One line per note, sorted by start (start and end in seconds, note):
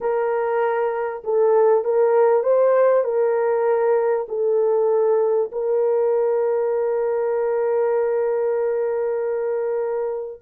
0.00 1.23 A#4
1.24 1.84 A4
1.84 2.43 A#4
2.43 3.03 C5
3.03 4.26 A#4
4.28 5.50 A4
5.51 10.41 A#4